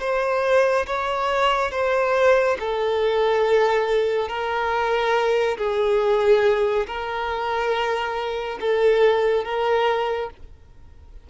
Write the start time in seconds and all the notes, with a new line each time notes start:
0.00 C5
0.86 C#5
1.71 C5
2.59 A4
4.28 A#4
5.58 G#4
6.86 A#4
8.60 A4
9.44 A#4